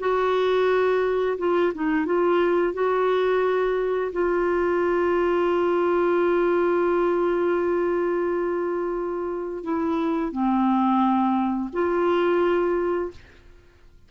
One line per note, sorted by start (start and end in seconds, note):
0.00 1.38 F#4
1.39 1.73 F4
1.75 2.06 D#4
2.06 2.74 F4
2.74 4.12 F#4
4.13 9.64 F4
9.64 10.33 E4
10.33 11.71 C4
11.73 13.11 F4